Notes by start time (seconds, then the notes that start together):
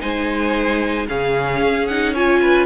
0.00 G#3 D#4 C5 G#5
1.07 C#3 C#4 G#4 F5
1.61 C#4
1.87 D#4 F#5
2.13 F4 C#5 G#5
2.41 B4